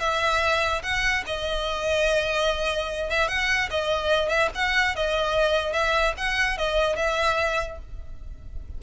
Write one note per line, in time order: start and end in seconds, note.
0.00 0.82 E5
0.83 1.24 F#5
1.27 3.10 D#5
3.10 3.28 E5
3.28 3.69 F#5
3.71 4.29 D#5
4.29 4.50 E5
4.55 4.96 F#5
4.96 5.73 D#5
5.73 6.14 E5
6.18 6.58 F#5
6.58 6.96 D#5
6.96 7.79 E5